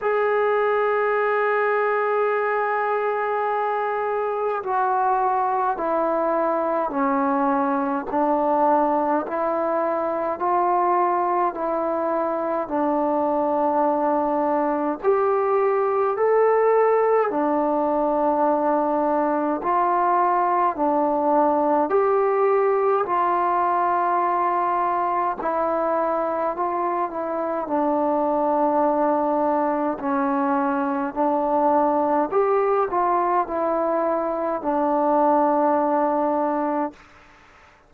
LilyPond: \new Staff \with { instrumentName = "trombone" } { \time 4/4 \tempo 4 = 52 gis'1 | fis'4 e'4 cis'4 d'4 | e'4 f'4 e'4 d'4~ | d'4 g'4 a'4 d'4~ |
d'4 f'4 d'4 g'4 | f'2 e'4 f'8 e'8 | d'2 cis'4 d'4 | g'8 f'8 e'4 d'2 | }